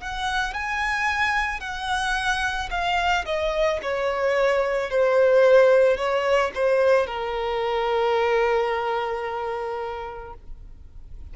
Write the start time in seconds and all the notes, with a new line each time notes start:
0.00 F#5
0.53 G#5
1.60 F#5
2.70 F5
3.25 D#5
3.82 C#5
4.90 C5
5.97 C#5
6.54 C5
7.06 A#4